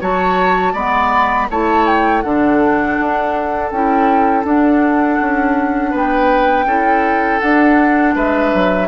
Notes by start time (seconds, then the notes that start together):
0.00 F#3 F#4 C#5 A5
0.73 G#3 B3 D5 B5
1.50 A3 E4 C#5 A5
1.86 G5
2.21 D3 D4 A4 F#5
2.99 D4
3.71 C#4 E4 G5
4.44 D4 F#5
5.21 C#4
5.90 B3 B4 G5
6.66 C#4 E4 A4
7.40 D4 F#5
8.15 G#3 B4 E5
8.53 F#3